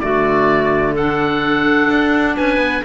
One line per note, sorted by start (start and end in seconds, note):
0.00 1.90 D3
0.00 0.96 A3
0.00 0.93 F#4
0.00 0.94 D5
0.93 2.85 D4
0.93 2.34 A4
0.93 2.37 F#5
1.90 2.37 D4
2.36 2.57 C#4
2.36 2.84 B4
2.36 2.84 G#5
2.57 2.81 B3